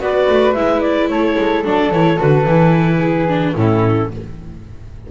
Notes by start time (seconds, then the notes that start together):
0.00 B3 F#4 B4 D5
0.29 A3
0.54 G#3 E4 E5
0.81 D5
1.09 A3 A4 C#5
1.38 G#3
1.64 F#3 D4 D5
1.91 E3 E4 C#5
2.17 D3 F#4 B4
2.46 E3 E4
2.97 G#4
3.28 D4
3.55 A2 C#4 E4 A4